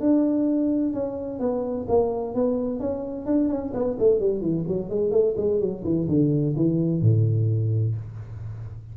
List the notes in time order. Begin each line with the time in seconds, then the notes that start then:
0.00 D4
0.93 C#4
1.39 B3
1.88 A#3
2.34 B3
2.79 C#4
3.25 D4
3.49 C#4
3.73 B3
3.99 A3
4.20 G3
4.40 E3
4.67 F#3
4.89 G#3
5.11 A3
5.37 G#3
5.60 F#3
5.84 E3
6.08 D3
6.56 E3
7.01 A2